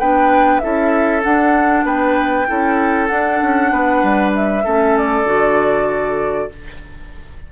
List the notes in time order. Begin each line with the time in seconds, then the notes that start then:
0.00 B3 D4 B4 G5
0.60 C#4 E4 A4 E5
1.22 D4 F#5
1.84 B3 B4 G5
2.47 C#4 E4 A4
3.08 D4 F#5
3.42 C#4
3.72 B3 B4
4.03 G3
4.36 E5
4.64 A3 C#4 A4
4.98 D5
5.24 D3 F#4